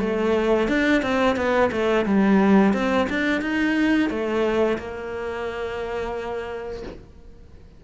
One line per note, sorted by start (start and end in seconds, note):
0.00 0.68 A3
0.68 1.02 D4
1.02 1.36 C4
1.36 1.70 B3
1.72 2.06 A3
2.06 2.74 G3
2.74 3.08 C4
3.09 3.42 D4
3.42 4.10 D#4
4.10 4.78 A3
4.79 6.83 A#3